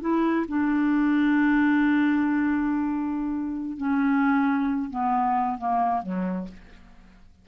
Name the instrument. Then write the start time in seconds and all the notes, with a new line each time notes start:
clarinet
0.00 E4
0.48 D4
3.77 C#4
4.89 B3
5.58 A#3
6.02 F#3